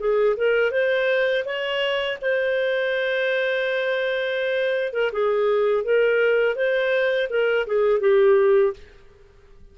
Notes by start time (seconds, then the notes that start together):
0.00 G#4
0.37 A#4
0.72 C5
1.46 C#5
2.22 C5
4.94 A#4
5.13 G#4
5.84 A#4
6.56 C5
7.30 A#4
7.67 G#4
8.01 G4